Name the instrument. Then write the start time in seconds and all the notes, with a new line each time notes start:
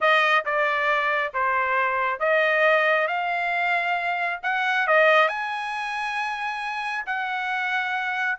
trumpet
0.00 D#5
0.45 D5
1.33 C5
2.19 D#5
3.07 F5
4.43 F#5
4.87 D#5
5.28 G#5
7.05 F#5